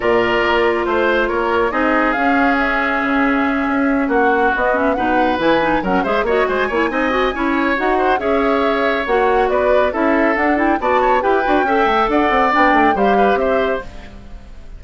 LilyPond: <<
  \new Staff \with { instrumentName = "flute" } { \time 4/4 \tempo 4 = 139 d''2 c''4 cis''4 | dis''4 f''4 e''2~ | e''4. fis''4 dis''8 e''8 fis''8~ | fis''8 gis''4 fis''8 e''8 dis''8 gis''4~ |
gis''2 fis''4 e''4~ | e''4 fis''4 d''4 e''4 | fis''8 g''8 a''4 g''2 | fis''4 g''4 f''4 e''4 | }
  \new Staff \with { instrumentName = "oboe" } { \time 4/4 ais'2 c''4 ais'4 | gis'1~ | gis'4. fis'2 b'8~ | b'4. ais'8 c''8 cis''8 c''8 cis''8 |
dis''4 cis''4. c''8 cis''4~ | cis''2 b'4 a'4~ | a'4 d''8 cis''8 b'4 e''4 | d''2 c''8 b'8 c''4 | }
  \new Staff \with { instrumentName = "clarinet" } { \time 4/4 f'1 | dis'4 cis'2.~ | cis'2~ cis'8 b8 cis'8 dis'8~ | dis'8 e'8 dis'8 cis'8 gis'8 fis'4 e'8 |
dis'8 fis'8 e'4 fis'4 gis'4~ | gis'4 fis'2 e'4 | d'8 e'8 fis'4 g'8 fis'8 a'4~ | a'4 d'4 g'2 | }
  \new Staff \with { instrumentName = "bassoon" } { \time 4/4 ais,4 ais4 a4 ais4 | c'4 cis'2 cis4~ | cis8 cis'4 ais4 b4 b,8~ | b,8 e4 fis8 gis8 ais8 gis8 ais8 |
c'4 cis'4 dis'4 cis'4~ | cis'4 ais4 b4 cis'4 | d'4 b4 e'8 d'8 cis'8 a8 | d'8 c'8 b8 a8 g4 c'4 | }
>>